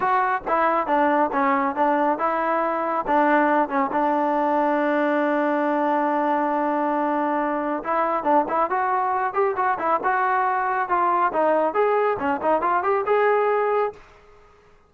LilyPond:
\new Staff \with { instrumentName = "trombone" } { \time 4/4 \tempo 4 = 138 fis'4 e'4 d'4 cis'4 | d'4 e'2 d'4~ | d'8 cis'8 d'2.~ | d'1~ |
d'2 e'4 d'8 e'8 | fis'4. g'8 fis'8 e'8 fis'4~ | fis'4 f'4 dis'4 gis'4 | cis'8 dis'8 f'8 g'8 gis'2 | }